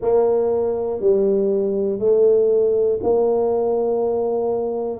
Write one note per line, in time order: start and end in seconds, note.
0.01 1.00 A#3
1.00 1.99 G3
1.99 2.99 A3
3.03 4.99 A#3